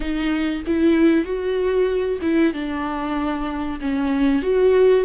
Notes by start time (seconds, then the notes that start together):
0.00 D#4
0.66 E4
1.24 F#4
2.21 E4
2.53 D4
3.80 C#4
4.42 F#4